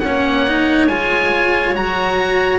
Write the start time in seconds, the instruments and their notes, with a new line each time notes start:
0.00 double bass A#3, cello C#4, clarinet C#5, oboe F#5
0.47 cello D#4
0.88 double bass G#3, cello F4, oboe G#5
1.75 double bass F#3, cello F#4, oboe A#5